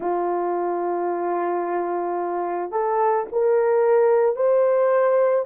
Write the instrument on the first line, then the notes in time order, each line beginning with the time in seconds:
horn
0.00 F4
2.71 A4
3.32 A#4
4.36 C5